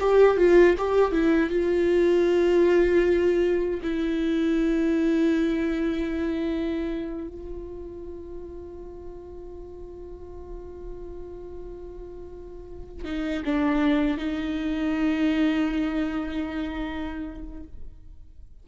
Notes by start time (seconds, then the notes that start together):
0.00 G4
0.37 F4
0.78 G4
1.12 E4
1.50 F4
3.83 E4
7.28 F4
13.05 D#4
13.45 D4
14.17 D#4